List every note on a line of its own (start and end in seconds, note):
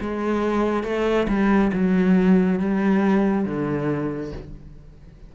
0.00 0.83 G#3
0.83 1.26 A3
1.28 1.71 G3
1.73 2.59 F#3
2.59 3.45 G3
3.45 4.32 D3